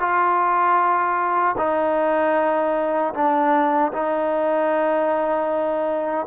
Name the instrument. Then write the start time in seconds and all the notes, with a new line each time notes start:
trombone
0.00 F4
1.58 D#4
3.14 D4
3.93 D#4